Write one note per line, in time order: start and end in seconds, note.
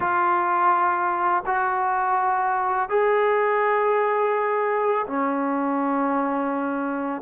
0.00 1.44 F4
1.46 2.89 F#4
2.89 5.06 G#4
5.06 7.22 C#4